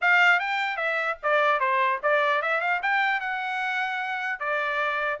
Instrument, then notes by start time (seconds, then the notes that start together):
trumpet
0.01 F5
0.39 G5
0.77 E5
1.23 D5
1.59 C5
2.02 D5
2.41 E5
2.60 F5
2.82 G5
3.20 F#5
4.39 D5